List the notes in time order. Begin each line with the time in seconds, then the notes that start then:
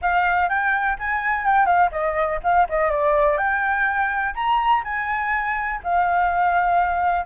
0.01 F5
0.49 G5
0.98 G#5
1.45 G5
1.66 F5
1.91 D#5
2.43 F5
2.69 D#5
2.90 D5
3.37 G5
4.34 A#5
4.84 G#5
5.83 F5